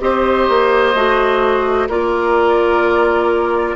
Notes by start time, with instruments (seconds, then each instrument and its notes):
0.00 bassoon C4, clarinet G4, oboe C5, flute D#5
0.48 bassoon A#3
0.95 bassoon A3, clarinet F#4
1.89 bassoon A#3, clarinet F4, oboe A#4, flute D5